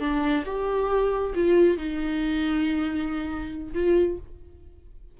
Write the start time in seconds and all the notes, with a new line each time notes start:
0.00 D4
0.46 G4
1.35 F4
1.77 D#4
3.74 F4